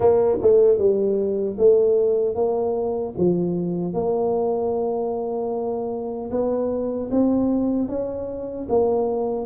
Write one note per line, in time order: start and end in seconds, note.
0.00 0.38 A#3
0.41 0.78 A3
0.78 1.56 G3
1.58 2.35 A3
2.35 3.14 A#3
3.17 3.93 F3
3.93 6.30 A#3
6.30 7.09 B3
7.11 7.88 C4
7.88 8.67 C#4
8.68 9.46 A#3